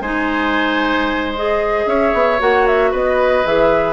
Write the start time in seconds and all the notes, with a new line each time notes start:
0.00 G#3 D#4 C5 G#5
1.35 G#4 D#5
1.86 C#4 C#5 E5
2.13 B3
2.39 A#3 F#4 F#5
2.66 E5
2.91 B3 B4 D#5
3.45 E3 G#4 E5